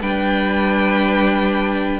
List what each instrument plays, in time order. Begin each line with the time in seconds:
0.00 cello G3, viola D4, violin B4 G5